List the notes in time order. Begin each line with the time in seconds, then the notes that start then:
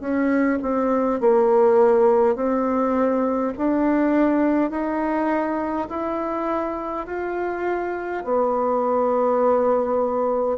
0.00 C#4
0.61 C4
1.20 A#3
2.35 C4
3.57 D4
4.70 D#4
5.89 E4
7.06 F4
8.24 B3